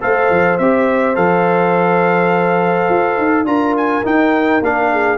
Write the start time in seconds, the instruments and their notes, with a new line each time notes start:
0.00 tuba A3, trombone A4, horn C5, trumpet F5
0.30 tuba F3
0.58 tuba C4, trombone G4, trumpet E5
1.15 tuba F3, trombone A4, trumpet F5
2.90 tuba F4
3.17 tuba D#4
3.44 tuba D4, trombone F4, horn A#4, trumpet A#5
3.77 trumpet G#5
4.04 trombone D#4, tuba D#4, trumpet G5
4.61 tuba A#3, trombone D4, trumpet F5
4.92 horn G#4